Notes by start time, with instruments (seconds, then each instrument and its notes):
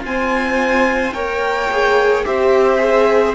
0.00 viola C4, cello F4, violin C5 G#5
1.13 cello A#3, viola A#4, violin C#5 G5
1.71 viola G#4
2.25 cello C4, viola G4, violin C5 E5
2.78 viola G#4